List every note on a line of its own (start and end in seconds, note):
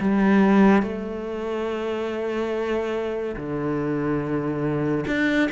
0.00 0.82 G3
0.82 3.35 A3
3.36 5.05 D3
5.07 5.49 D4